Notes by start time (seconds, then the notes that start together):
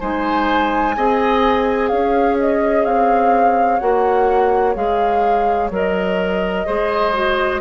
0.00 G#3 D#4 C5 G#5
0.96 C4 G#4 D#5
1.88 C#4 C#5 F5
2.40 D#5
2.85 C4 F5
3.80 A#3 F#4 F#5
4.75 G#3 G#4 F5
5.71 F#3 A#4 D#5
6.66 G#3 G#4 C5
7.13 F#4